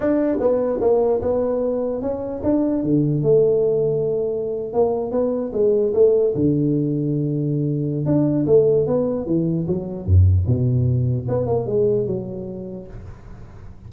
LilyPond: \new Staff \with { instrumentName = "tuba" } { \time 4/4 \tempo 4 = 149 d'4 b4 ais4 b4~ | b4 cis'4 d'4 d4 | a2.~ a8. ais16~ | ais8. b4 gis4 a4 d16~ |
d1 | d'4 a4 b4 e4 | fis4 fis,4 b,2 | b8 ais8 gis4 fis2 | }